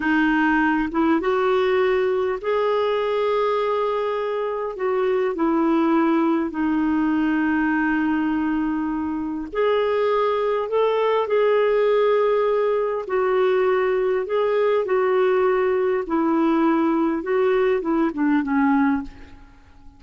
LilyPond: \new Staff \with { instrumentName = "clarinet" } { \time 4/4 \tempo 4 = 101 dis'4. e'8 fis'2 | gis'1 | fis'4 e'2 dis'4~ | dis'1 |
gis'2 a'4 gis'4~ | gis'2 fis'2 | gis'4 fis'2 e'4~ | e'4 fis'4 e'8 d'8 cis'4 | }